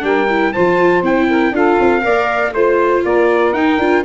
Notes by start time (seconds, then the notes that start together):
0.00 G3 D4 A#4 G5
0.29 E4
0.53 F3 F4 C5 A5
1.02 C4 E4 G5
1.29 A#4
1.51 D4 F4 A4 F5
1.79 C4
2.02 A#3 A#4 D5
2.53 A3 F4 C5
3.05 A#3 A#4 D5
3.52 D#4 G5
3.78 D4 F4